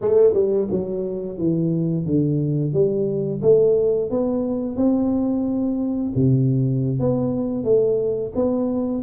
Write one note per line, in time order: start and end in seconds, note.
0.01 0.33 A3
0.33 0.67 G3
0.71 1.38 F#3
1.38 2.05 E3
2.05 2.73 D3
2.73 3.41 G3
3.42 4.10 A3
4.10 4.76 B3
4.76 6.12 C4
6.15 6.99 C3
6.99 7.64 B3
7.64 8.32 A3
8.35 9.02 B3